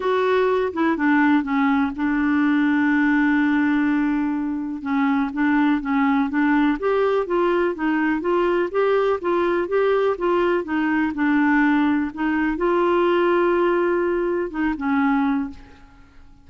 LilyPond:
\new Staff \with { instrumentName = "clarinet" } { \time 4/4 \tempo 4 = 124 fis'4. e'8 d'4 cis'4 | d'1~ | d'2 cis'4 d'4 | cis'4 d'4 g'4 f'4 |
dis'4 f'4 g'4 f'4 | g'4 f'4 dis'4 d'4~ | d'4 dis'4 f'2~ | f'2 dis'8 cis'4. | }